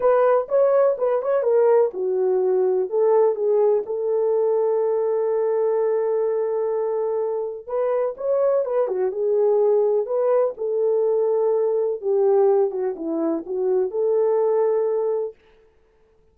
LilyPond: \new Staff \with { instrumentName = "horn" } { \time 4/4 \tempo 4 = 125 b'4 cis''4 b'8 cis''8 ais'4 | fis'2 a'4 gis'4 | a'1~ | a'1 |
b'4 cis''4 b'8 fis'8 gis'4~ | gis'4 b'4 a'2~ | a'4 g'4. fis'8 e'4 | fis'4 a'2. | }